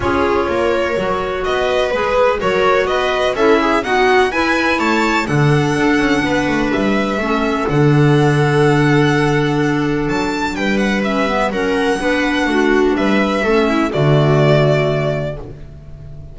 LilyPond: <<
  \new Staff \with { instrumentName = "violin" } { \time 4/4 \tempo 4 = 125 cis''2. dis''4 | b'4 cis''4 dis''4 e''4 | fis''4 gis''4 a''4 fis''4~ | fis''2 e''2 |
fis''1~ | fis''4 a''4 g''8 fis''8 e''4 | fis''2. e''4~ | e''4 d''2. | }
  \new Staff \with { instrumentName = "viola" } { \time 4/4 gis'4 ais'2 b'4~ | b'4 ais'4 b'4 a'8 gis'8 | fis'4 b'4 cis''4 a'4~ | a'4 b'2 a'4~ |
a'1~ | a'2 b'2 | ais'4 b'4 fis'4 b'4 | a'8 e'8 fis'2. | }
  \new Staff \with { instrumentName = "clarinet" } { \time 4/4 f'2 fis'2 | gis'4 fis'2 e'4 | b4 e'2 d'4~ | d'2. cis'4 |
d'1~ | d'2. cis'8 b8 | cis'4 d'2. | cis'4 a2. | }
  \new Staff \with { instrumentName = "double bass" } { \time 4/4 cis'4 ais4 fis4 b4 | gis4 fis4 b4 cis'4 | dis'4 e'4 a4 d4 | d'8 cis'8 b8 a8 g4 a4 |
d1~ | d4 fis4 g2 | fis4 b4 a4 g4 | a4 d2. | }
>>